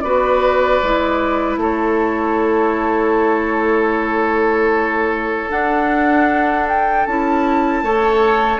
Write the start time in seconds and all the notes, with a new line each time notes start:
0.00 B3 F#4 B4 D5
0.83 G#3 E4
1.57 A3 A4
1.63 C#5
5.50 D4 F#5
6.68 G5
7.06 C#4 E4 A5
7.83 A3 A4 C#5